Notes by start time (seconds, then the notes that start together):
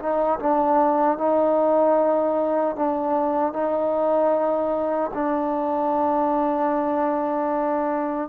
0.00 D#4
0.40 D4
1.18 D#4
2.76 D4
3.53 D#4
5.15 D4